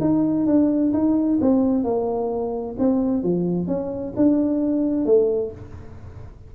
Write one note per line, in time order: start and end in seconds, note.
0.00 0.46 D#4
0.46 0.92 D4
0.93 1.39 D#4
1.41 1.84 C4
1.84 2.76 A#3
2.78 3.23 C4
3.23 3.67 F3
3.67 4.13 C#4
4.16 5.05 D4
5.05 5.52 A3